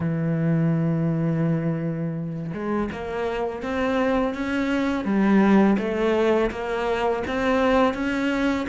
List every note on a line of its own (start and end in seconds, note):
0.00 2.52 E3
2.53 2.89 G#3
2.91 3.62 A#3
3.62 4.34 C4
4.34 5.04 C#4
5.04 5.76 G3
5.78 6.50 A3
6.50 7.23 A#3
7.27 7.94 C4
7.94 8.66 C#4